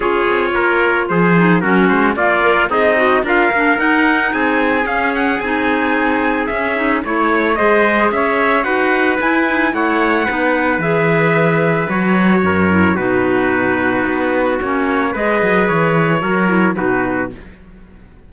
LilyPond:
<<
  \new Staff \with { instrumentName = "trumpet" } { \time 4/4 \tempo 4 = 111 cis''2 c''4 ais'8 c''8 | d''4 dis''4 f''4 fis''4 | gis''4 f''8 fis''8 gis''2 | e''4 cis''4 dis''4 e''4 |
fis''4 gis''4 fis''2 | e''2 cis''2 | b'2. cis''4 | dis''4 cis''2 b'4 | }
  \new Staff \with { instrumentName = "trumpet" } { \time 4/4 gis'4 ais'4 gis'4 fis'4 | f'4 dis'4 ais'2 | gis'1~ | gis'4 cis''4 c''4 cis''4 |
b'2 cis''4 b'4~ | b'2. ais'4 | fis'1 | b'2 ais'4 fis'4 | }
  \new Staff \with { instrumentName = "clarinet" } { \time 4/4 f'2~ f'8 dis'8 cis'4 | ais8 ais'8 gis'8 fis'8 f'8 d'8 dis'4~ | dis'4 cis'4 dis'2 | cis'8 dis'8 e'4 gis'2 |
fis'4 e'8 dis'8 e'4 dis'4 | gis'2 fis'4. e'8 | dis'2. cis'4 | gis'2 fis'8 e'8 dis'4 | }
  \new Staff \with { instrumentName = "cello" } { \time 4/4 cis'8 c'8 ais4 f4 fis8 gis8 | ais4 c'4 d'8 ais8 dis'4 | c'4 cis'4 c'2 | cis'4 a4 gis4 cis'4 |
dis'4 e'4 a4 b4 | e2 fis4 fis,4 | b,2 b4 ais4 | gis8 fis8 e4 fis4 b,4 | }
>>